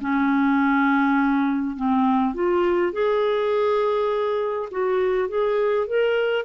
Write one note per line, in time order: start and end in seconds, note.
0.00 1.76 C#4
1.76 2.34 C4
2.34 2.92 F4
2.92 4.68 G#4
4.71 5.28 F#4
5.28 5.87 G#4
5.87 6.45 A#4